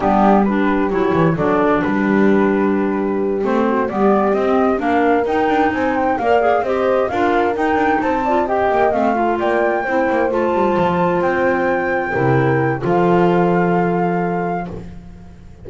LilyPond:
<<
  \new Staff \with { instrumentName = "flute" } { \time 4/4 \tempo 4 = 131 g'4 b'4 cis''4 d''4 | b'2.~ b'8 c''8~ | c''8 d''4 dis''4 f''4 g''8~ | g''8 gis''8 g''8 f''4 dis''4 f''8~ |
f''8 g''4 a''4 g''4 f''8~ | f''8 g''2 a''4.~ | a''8 g''2.~ g''8 | f''1 | }
  \new Staff \with { instrumentName = "horn" } { \time 4/4 d'4 g'2 a'4 | g'1 | fis'8 g'2 ais'4.~ | ais'8 c''4 d''4 c''4 ais'8~ |
ais'4. c''8 d''8 dis''4. | a'8 d''4 c''2~ c''8~ | c''2~ c''8 ais'4. | a'1 | }
  \new Staff \with { instrumentName = "clarinet" } { \time 4/4 b4 d'4 e'4 d'4~ | d'2.~ d'8 c'8~ | c'8 b4 c'4 d'4 dis'8~ | dis'4. ais'8 gis'8 g'4 f'8~ |
f'8 dis'4. f'8 g'4 c'8 | f'4. e'4 f'4.~ | f'2~ f'8 e'4. | f'1 | }
  \new Staff \with { instrumentName = "double bass" } { \time 4/4 g2 fis8 e8 fis4 | g2.~ g8 a8~ | a8 g4 c'4 ais4 dis'8 | d'8 c'4 ais4 c'4 d'8~ |
d'8 dis'8 d'8 c'4. ais8 a8~ | a8 ais4 c'8 ais8 a8 g8 f8~ | f8 c'2 c4. | f1 | }
>>